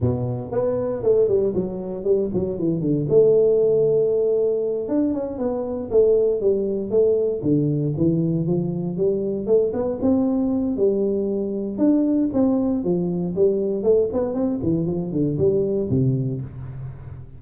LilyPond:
\new Staff \with { instrumentName = "tuba" } { \time 4/4 \tempo 4 = 117 b,4 b4 a8 g8 fis4 | g8 fis8 e8 d8 a2~ | a4. d'8 cis'8 b4 a8~ | a8 g4 a4 d4 e8~ |
e8 f4 g4 a8 b8 c'8~ | c'4 g2 d'4 | c'4 f4 g4 a8 b8 | c'8 e8 f8 d8 g4 c4 | }